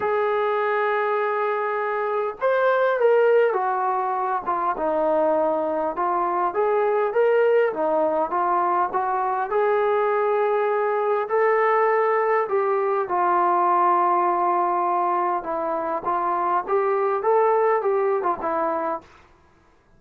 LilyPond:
\new Staff \with { instrumentName = "trombone" } { \time 4/4 \tempo 4 = 101 gis'1 | c''4 ais'4 fis'4. f'8 | dis'2 f'4 gis'4 | ais'4 dis'4 f'4 fis'4 |
gis'2. a'4~ | a'4 g'4 f'2~ | f'2 e'4 f'4 | g'4 a'4 g'8. f'16 e'4 | }